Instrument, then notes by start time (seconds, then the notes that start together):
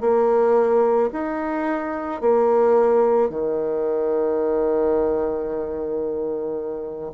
bassoon
0.00 A#3
1.12 D#4
2.21 A#3
3.29 D#3